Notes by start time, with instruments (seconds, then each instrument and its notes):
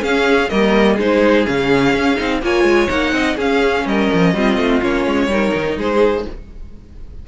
0.00 viola C#4, cello C#4, violin G#4 F5
0.49 cello G3, viola A#3, violin A#4 D#5
0.95 cello G#3, viola D#4, violin G#4 C5
1.46 cello C#3, viola C#4, violin F5
1.94 cello C#4
2.16 cello C4, viola D#4
2.42 cello A#3, viola F4, violin C#5 G#5
2.64 cello G#3
2.88 cello A#3, viola D#4, violin F#5
3.12 cello C4, violin D#5
3.36 cello C#4, viola C#4, violin G#4 F5
3.86 cello G3, violin A#4 D#5
4.14 cello F3
4.33 cello G3, viola C4, violin F4
4.57 cello A3
4.82 cello A#3, viola C#4, violin C#5
5.07 cello G#3
5.28 cello G3, viola D#4, violin A#4
5.54 cello D#3
5.77 cello G#3, violin G#4 C5